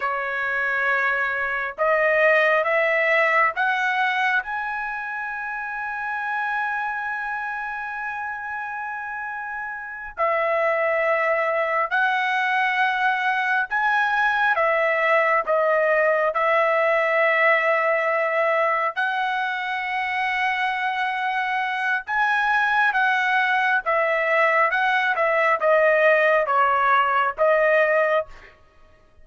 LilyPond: \new Staff \with { instrumentName = "trumpet" } { \time 4/4 \tempo 4 = 68 cis''2 dis''4 e''4 | fis''4 gis''2.~ | gis''2.~ gis''8 e''8~ | e''4. fis''2 gis''8~ |
gis''8 e''4 dis''4 e''4.~ | e''4. fis''2~ fis''8~ | fis''4 gis''4 fis''4 e''4 | fis''8 e''8 dis''4 cis''4 dis''4 | }